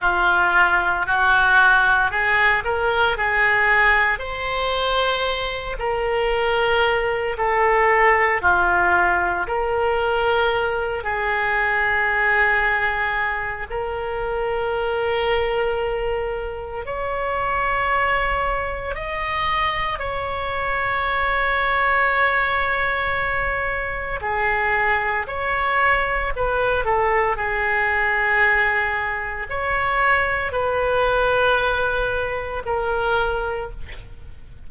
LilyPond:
\new Staff \with { instrumentName = "oboe" } { \time 4/4 \tempo 4 = 57 f'4 fis'4 gis'8 ais'8 gis'4 | c''4. ais'4. a'4 | f'4 ais'4. gis'4.~ | gis'4 ais'2. |
cis''2 dis''4 cis''4~ | cis''2. gis'4 | cis''4 b'8 a'8 gis'2 | cis''4 b'2 ais'4 | }